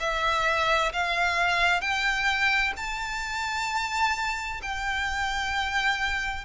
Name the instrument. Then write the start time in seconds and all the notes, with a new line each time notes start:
violin
0.00 E5
0.93 F5
1.81 G5
2.77 A5
4.62 G5